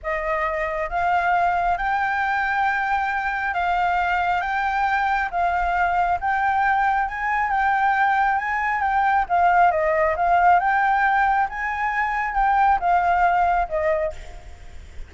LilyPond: \new Staff \with { instrumentName = "flute" } { \time 4/4 \tempo 4 = 136 dis''2 f''2 | g''1 | f''2 g''2 | f''2 g''2 |
gis''4 g''2 gis''4 | g''4 f''4 dis''4 f''4 | g''2 gis''2 | g''4 f''2 dis''4 | }